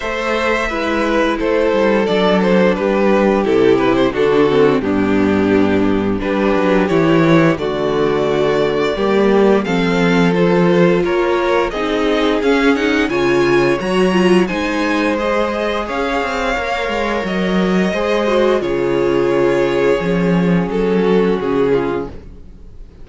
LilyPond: <<
  \new Staff \with { instrumentName = "violin" } { \time 4/4 \tempo 4 = 87 e''2 c''4 d''8 c''8 | b'4 a'8 b'16 c''16 a'4 g'4~ | g'4 b'4 cis''4 d''4~ | d''2 f''4 c''4 |
cis''4 dis''4 f''8 fis''8 gis''4 | ais''4 gis''4 dis''4 f''4~ | f''4 dis''2 cis''4~ | cis''2 a'4 gis'4 | }
  \new Staff \with { instrumentName = "violin" } { \time 4/4 c''4 b'4 a'2 | g'2 fis'4 d'4~ | d'4 g'2 fis'4~ | fis'4 g'4 a'2 |
ais'4 gis'2 cis''4~ | cis''4 c''2 cis''4~ | cis''2 c''4 gis'4~ | gis'2~ gis'8 fis'4 f'8 | }
  \new Staff \with { instrumentName = "viola" } { \time 4/4 a'4 e'2 d'4~ | d'4 e'4 d'8 c'8 b4~ | b4 d'4 e'4 a4~ | a4 ais4 c'4 f'4~ |
f'4 dis'4 cis'8 dis'8 f'4 | fis'8 f'8 dis'4 gis'2 | ais'2 gis'8 fis'8 f'4~ | f'4 cis'2. | }
  \new Staff \with { instrumentName = "cello" } { \time 4/4 a4 gis4 a8 g8 fis4 | g4 c4 d4 g,4~ | g,4 g8 fis8 e4 d4~ | d4 g4 f2 |
ais4 c'4 cis'4 cis4 | fis4 gis2 cis'8 c'8 | ais8 gis8 fis4 gis4 cis4~ | cis4 f4 fis4 cis4 | }
>>